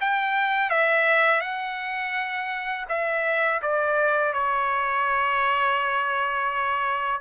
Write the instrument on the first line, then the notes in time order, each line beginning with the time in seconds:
trumpet
0.00 G5
0.70 E5
1.41 F#5
2.88 E5
3.61 D5
4.33 C#5